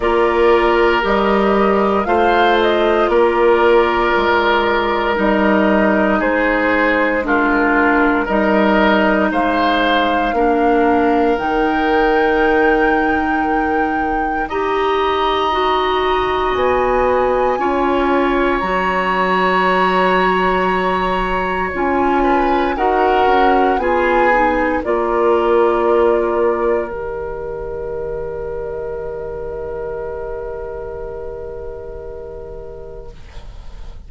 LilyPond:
<<
  \new Staff \with { instrumentName = "flute" } { \time 4/4 \tempo 4 = 58 d''4 dis''4 f''8 dis''8 d''4~ | d''4 dis''4 c''4 ais'4 | dis''4 f''2 g''4~ | g''2 ais''2 |
gis''2 ais''2~ | ais''4 gis''4 fis''4 gis''4 | d''2 dis''2~ | dis''1 | }
  \new Staff \with { instrumentName = "oboe" } { \time 4/4 ais'2 c''4 ais'4~ | ais'2 gis'4 f'4 | ais'4 c''4 ais'2~ | ais'2 dis''2~ |
dis''4 cis''2.~ | cis''4. b'8 ais'4 gis'4 | ais'1~ | ais'1 | }
  \new Staff \with { instrumentName = "clarinet" } { \time 4/4 f'4 g'4 f'2~ | f'4 dis'2 d'4 | dis'2 d'4 dis'4~ | dis'2 g'4 fis'4~ |
fis'4 f'4 fis'2~ | fis'4 f'4 fis'4 f'8 dis'8 | f'2 g'2~ | g'1 | }
  \new Staff \with { instrumentName = "bassoon" } { \time 4/4 ais4 g4 a4 ais4 | gis4 g4 gis2 | g4 gis4 ais4 dis4~ | dis2 dis'2 |
b4 cis'4 fis2~ | fis4 cis'4 dis'8 cis'8 b4 | ais2 dis2~ | dis1 | }
>>